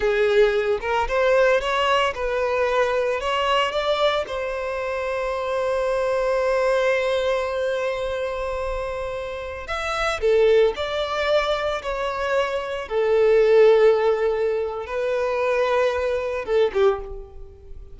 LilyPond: \new Staff \with { instrumentName = "violin" } { \time 4/4 \tempo 4 = 113 gis'4. ais'8 c''4 cis''4 | b'2 cis''4 d''4 | c''1~ | c''1~ |
c''2~ c''16 e''4 a'8.~ | a'16 d''2 cis''4.~ cis''16~ | cis''16 a'2.~ a'8. | b'2. a'8 g'8 | }